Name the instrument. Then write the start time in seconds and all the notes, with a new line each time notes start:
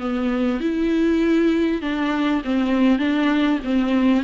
viola
0.00 B3
0.61 E4
1.82 D4
2.45 C4
2.99 D4
3.64 C4